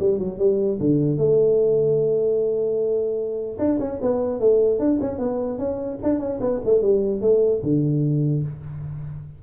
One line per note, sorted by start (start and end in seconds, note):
0.00 0.19 G3
0.19 0.39 F#3
0.39 0.79 G3
0.81 1.18 D3
1.18 3.58 A3
3.59 3.79 D4
3.80 4.00 C#4
4.02 4.41 B3
4.41 4.80 A3
4.80 5.00 D4
5.01 5.19 C#4
5.19 5.59 B3
5.59 5.99 C#4
6.03 6.20 D4
6.20 6.40 C#4
6.41 6.61 B3
6.65 6.83 A3
6.83 7.22 G3
7.22 7.62 A3
7.63 8.43 D3